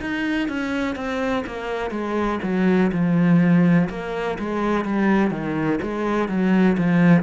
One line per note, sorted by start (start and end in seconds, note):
0.00 0.48 D#4
0.48 0.95 C#4
0.95 1.44 C4
1.46 1.91 A#3
1.91 2.39 G#3
2.43 2.91 F#3
2.92 3.89 F3
3.89 4.38 A#3
4.39 4.85 G#3
4.85 5.31 G3
5.31 5.79 D#3
5.82 6.28 G#3
6.28 6.77 F#3
6.77 7.23 F3